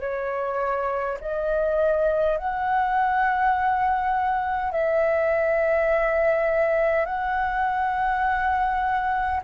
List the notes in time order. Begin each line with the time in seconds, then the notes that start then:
0.00 C#5
1.20 D#5
2.37 F#5
4.72 E5
7.05 F#5